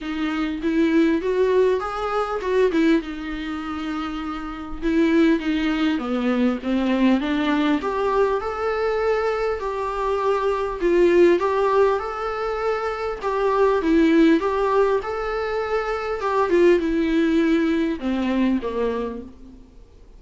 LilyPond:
\new Staff \with { instrumentName = "viola" } { \time 4/4 \tempo 4 = 100 dis'4 e'4 fis'4 gis'4 | fis'8 e'8 dis'2. | e'4 dis'4 b4 c'4 | d'4 g'4 a'2 |
g'2 f'4 g'4 | a'2 g'4 e'4 | g'4 a'2 g'8 f'8 | e'2 c'4 ais4 | }